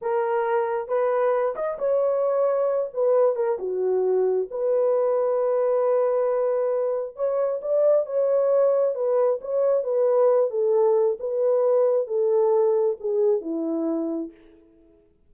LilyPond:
\new Staff \with { instrumentName = "horn" } { \time 4/4 \tempo 4 = 134 ais'2 b'4. dis''8 | cis''2~ cis''8 b'4 ais'8 | fis'2 b'2~ | b'1 |
cis''4 d''4 cis''2 | b'4 cis''4 b'4. a'8~ | a'4 b'2 a'4~ | a'4 gis'4 e'2 | }